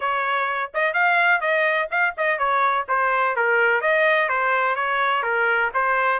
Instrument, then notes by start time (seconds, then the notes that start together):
trumpet
0.00 C#5
0.74 D#5
0.93 F5
1.40 D#5
1.90 F5
2.17 D#5
2.38 C#5
2.88 C5
3.35 A#4
3.81 D#5
4.28 C5
4.75 C#5
5.23 A#4
5.74 C5